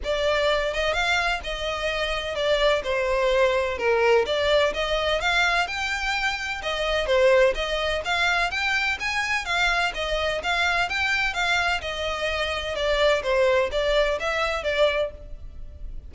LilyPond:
\new Staff \with { instrumentName = "violin" } { \time 4/4 \tempo 4 = 127 d''4. dis''8 f''4 dis''4~ | dis''4 d''4 c''2 | ais'4 d''4 dis''4 f''4 | g''2 dis''4 c''4 |
dis''4 f''4 g''4 gis''4 | f''4 dis''4 f''4 g''4 | f''4 dis''2 d''4 | c''4 d''4 e''4 d''4 | }